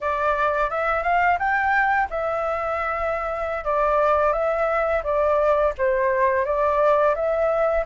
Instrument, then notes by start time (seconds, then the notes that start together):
flute
0.00 D5
0.70 E5
1.03 F5
1.38 G5
2.10 E5
3.64 D5
4.33 E5
5.03 D5
5.77 C5
6.45 D5
7.15 E5